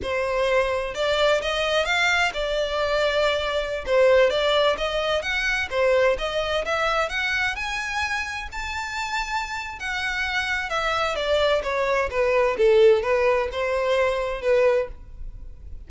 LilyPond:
\new Staff \with { instrumentName = "violin" } { \time 4/4 \tempo 4 = 129 c''2 d''4 dis''4 | f''4 d''2.~ | d''16 c''4 d''4 dis''4 fis''8.~ | fis''16 c''4 dis''4 e''4 fis''8.~ |
fis''16 gis''2 a''4.~ a''16~ | a''4 fis''2 e''4 | d''4 cis''4 b'4 a'4 | b'4 c''2 b'4 | }